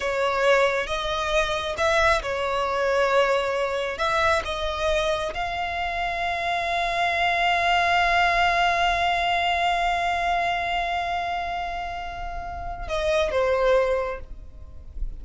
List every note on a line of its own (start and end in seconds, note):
0.00 0.86 C#5
0.86 1.75 D#5
1.77 2.22 E5
2.22 3.98 C#5
3.98 4.42 E5
4.44 5.33 D#5
5.34 12.88 F5
12.88 13.31 D#5
13.31 14.20 C5